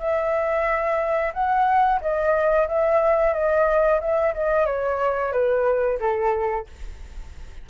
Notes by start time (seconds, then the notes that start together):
0.00 E5
1.34 F#5
2.02 D#5
2.68 E5
3.34 D#5
4.01 E5
4.35 D#5
4.66 C#5
5.33 B4
6.00 A4